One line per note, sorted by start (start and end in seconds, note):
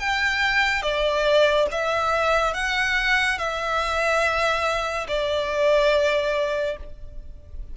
0.00 0.83 G5
0.83 1.67 D5
1.72 2.54 E5
2.54 3.38 F#5
3.38 5.07 E5
5.08 6.77 D5